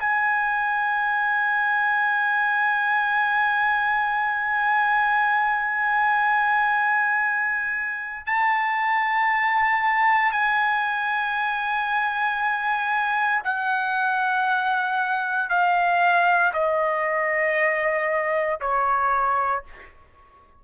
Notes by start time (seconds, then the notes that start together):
0.00 G#5
8.27 A5
10.32 G#5
13.44 F#5
15.50 F5
16.54 D#5
18.61 C#5